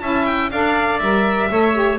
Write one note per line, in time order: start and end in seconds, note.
0.00 0.51 C#4
0.00 0.51 E4
0.00 0.51 E5
0.00 0.25 A5
0.25 0.50 G5
0.51 1.00 D4
0.51 1.01 A4
0.51 1.50 D5
0.51 0.99 F5
0.99 1.49 G3
0.99 1.49 A#4
0.99 1.97 E5
1.49 1.99 A3
1.49 1.73 A4
1.49 1.99 C#5
1.73 1.97 G4